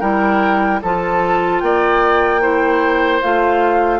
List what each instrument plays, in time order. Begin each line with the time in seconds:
0.00 bassoon G3, clarinet E4, oboe A#4, flute G5
0.82 bassoon F3, clarinet F4, oboe A4, flute A5
1.60 bassoon A#3, oboe D5, flute G5
2.41 clarinet E4, oboe C5
3.21 bassoon A3, clarinet F4, flute F5